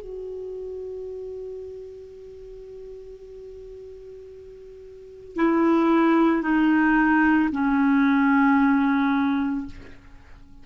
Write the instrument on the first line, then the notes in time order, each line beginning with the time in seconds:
clarinet
0.00 F#4
5.36 E4
6.42 D#4
7.51 C#4